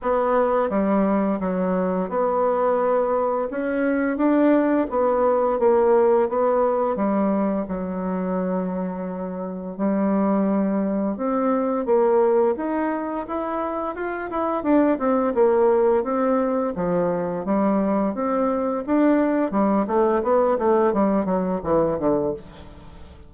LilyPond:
\new Staff \with { instrumentName = "bassoon" } { \time 4/4 \tempo 4 = 86 b4 g4 fis4 b4~ | b4 cis'4 d'4 b4 | ais4 b4 g4 fis4~ | fis2 g2 |
c'4 ais4 dis'4 e'4 | f'8 e'8 d'8 c'8 ais4 c'4 | f4 g4 c'4 d'4 | g8 a8 b8 a8 g8 fis8 e8 d8 | }